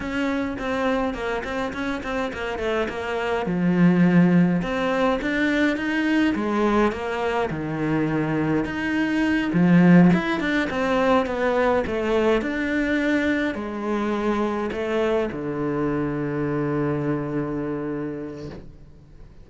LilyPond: \new Staff \with { instrumentName = "cello" } { \time 4/4 \tempo 4 = 104 cis'4 c'4 ais8 c'8 cis'8 c'8 | ais8 a8 ais4 f2 | c'4 d'4 dis'4 gis4 | ais4 dis2 dis'4~ |
dis'8 f4 e'8 d'8 c'4 b8~ | b8 a4 d'2 gis8~ | gis4. a4 d4.~ | d1 | }